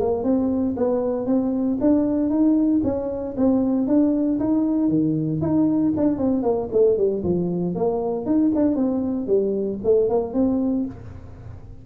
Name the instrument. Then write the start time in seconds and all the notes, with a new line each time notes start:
tuba
0.00 A#3
0.24 C4
0.77 B3
1.26 C4
1.81 D4
2.30 D#4
2.84 C#4
3.37 C4
3.87 D4
4.39 D#4
4.89 D#3
5.41 D#4
5.97 D4
6.18 C4
6.43 A#3
6.72 A3
6.97 G3
7.24 F3
7.75 A#3
8.26 D#4
8.55 D4
8.76 C4
9.27 G3
9.84 A3
10.09 A#3
10.34 C4